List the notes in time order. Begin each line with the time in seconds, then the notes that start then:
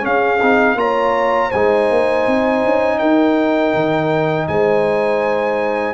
0.00 C#4 G#4 F5
0.42 C4 D#4
0.74 A#3 F4 C#5 A#5
1.48 G#3 C5 G#5
1.55 D#4
1.90 A#3
2.26 C4
2.65 C#4
2.98 D#4 A#4 G5
3.73 D#3
4.47 G#3 C5 G#5